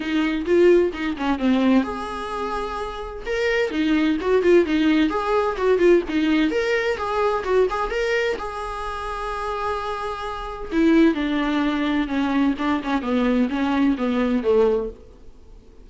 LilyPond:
\new Staff \with { instrumentName = "viola" } { \time 4/4 \tempo 4 = 129 dis'4 f'4 dis'8 cis'8 c'4 | gis'2. ais'4 | dis'4 fis'8 f'8 dis'4 gis'4 | fis'8 f'8 dis'4 ais'4 gis'4 |
fis'8 gis'8 ais'4 gis'2~ | gis'2. e'4 | d'2 cis'4 d'8 cis'8 | b4 cis'4 b4 a4 | }